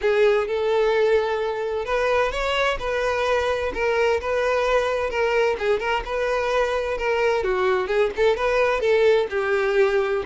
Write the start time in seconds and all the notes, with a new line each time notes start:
0.01 G#4
0.47 A4
1.85 B4
2.31 C#5
2.79 B4
3.74 A#4
4.21 B4
5.10 A#4
5.58 G#4
5.79 A#4
6.05 B4
6.97 A#4
7.43 F#4
7.87 G#4
8.16 A4
8.36 B4
8.80 A4
9.30 G4